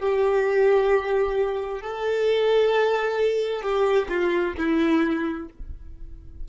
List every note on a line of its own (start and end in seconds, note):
0.00 1.82 G4
1.82 3.63 A4
3.63 4.08 G4
4.10 4.55 F4
4.58 5.49 E4